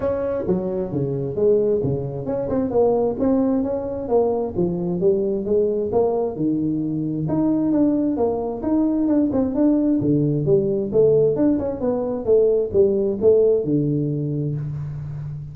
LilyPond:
\new Staff \with { instrumentName = "tuba" } { \time 4/4 \tempo 4 = 132 cis'4 fis4 cis4 gis4 | cis4 cis'8 c'8 ais4 c'4 | cis'4 ais4 f4 g4 | gis4 ais4 dis2 |
dis'4 d'4 ais4 dis'4 | d'8 c'8 d'4 d4 g4 | a4 d'8 cis'8 b4 a4 | g4 a4 d2 | }